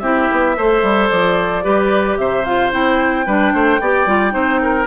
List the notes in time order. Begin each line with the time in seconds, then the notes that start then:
0.00 C4 E4 G4 E5
0.32 B3
0.57 A3 A4 C5
0.83 G3
1.09 F3 D5
1.63 G3 G4 B4
2.18 C3 C5 E5
2.45 F4 F5
2.72 C4 E4 G5
3.26 G3 D4 B4
3.54 A3 C5
3.80 B3 G4 D5
4.06 G3 F4
4.31 C4 D#4 C5
4.62 A#4